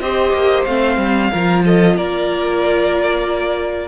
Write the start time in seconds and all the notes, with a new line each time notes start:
0.00 C4 G4 C5 D#5
0.33 A#3
0.65 A3 C4 F5
0.97 G3
1.32 F3 F4 A#4
1.65 A4 D#5
1.97 A#3 A#4 D5